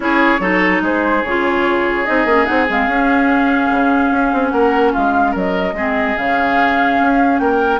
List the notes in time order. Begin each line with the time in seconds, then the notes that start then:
0.00 C#4 E4 G#4 C#5
0.39 F#3 D#4 A4
0.81 G#3 G#4 C5
1.23 C#3 F4 C#5
2.05 C4 D#4 D#5
2.25 A#3 C#4
2.45 C4 D#4 F#5
2.69 G#3 C4 F5
2.87 C#4
3.70 C#3
4.11 C#4
4.32 C4
4.49 A#3 A#4 F#5
4.92 G#3 F4 F5
5.31 F#3 A#4 D#5
5.72 G#3 C4 G#4
6.17 C#3 C#4 F5
6.99 C#4
7.38 A#3 A#4 G5